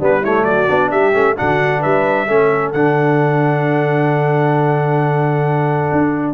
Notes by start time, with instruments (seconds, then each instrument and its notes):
0.00 tuba G3, trombone B3, horn D4, trumpet B4
0.21 trombone A3, horn E4, trumpet C#5
0.44 tuba F#3, horn F#4, trumpet D5
0.68 tuba B3, trombone D4
0.91 tuba G3, horn G4, trumpet E5
1.13 tuba A3, trombone C#4
1.37 tuba D3, trombone D4, horn F#4, trumpet F#5
1.81 tuba G3, horn B4, trumpet E5
2.28 tuba A3, trombone C#4, horn A4
2.73 tuba D3, trombone D4, trumpet F#5
5.92 tuba D4